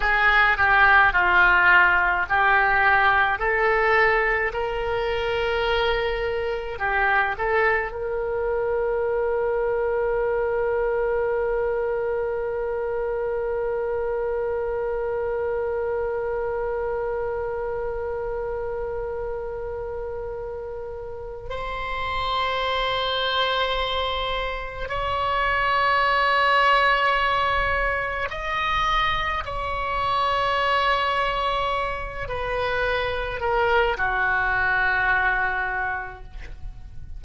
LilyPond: \new Staff \with { instrumentName = "oboe" } { \time 4/4 \tempo 4 = 53 gis'8 g'8 f'4 g'4 a'4 | ais'2 g'8 a'8 ais'4~ | ais'1~ | ais'1~ |
ais'2. c''4~ | c''2 cis''2~ | cis''4 dis''4 cis''2~ | cis''8 b'4 ais'8 fis'2 | }